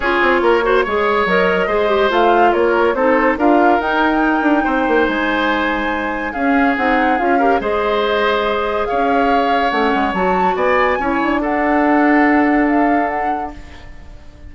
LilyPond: <<
  \new Staff \with { instrumentName = "flute" } { \time 4/4 \tempo 4 = 142 cis''2. dis''4~ | dis''4 f''4 cis''4 c''4 | f''4 g''2. | gis''2. f''4 |
fis''4 f''4 dis''2~ | dis''4 f''2 fis''4 | a''4 gis''2 fis''4~ | fis''2 f''4 fis''4 | }
  \new Staff \with { instrumentName = "oboe" } { \time 4/4 gis'4 ais'8 c''8 cis''2 | c''2 ais'4 a'4 | ais'2. c''4~ | c''2. gis'4~ |
gis'4. ais'8 c''2~ | c''4 cis''2.~ | cis''4 d''4 cis''4 a'4~ | a'1 | }
  \new Staff \with { instrumentName = "clarinet" } { \time 4/4 f'4. fis'8 gis'4 ais'4 | gis'8 g'8 f'2 dis'4 | f'4 dis'2.~ | dis'2. cis'4 |
dis'4 f'8 g'8 gis'2~ | gis'2. cis'4 | fis'2 e'4 d'4~ | d'1 | }
  \new Staff \with { instrumentName = "bassoon" } { \time 4/4 cis'8 c'8 ais4 gis4 fis4 | gis4 a4 ais4 c'4 | d'4 dis'4. d'8 c'8 ais8 | gis2. cis'4 |
c'4 cis'4 gis2~ | gis4 cis'2 a8 gis8 | fis4 b4 cis'8 d'4.~ | d'1 | }
>>